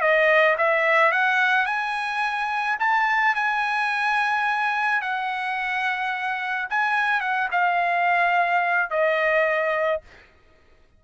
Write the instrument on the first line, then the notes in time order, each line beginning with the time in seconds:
trumpet
0.00 D#5
0.57 E5
1.11 F#5
1.65 G#5
2.79 A5
3.35 G#5
5.01 F#5
6.69 G#5
7.20 F#5
7.51 F5
8.90 D#5